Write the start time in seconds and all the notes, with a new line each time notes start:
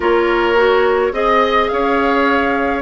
0.00 A#3 F4 A#4 C#5
0.56 F#4
1.12 C4 G#4 D#5
1.68 C#4 C#5 F5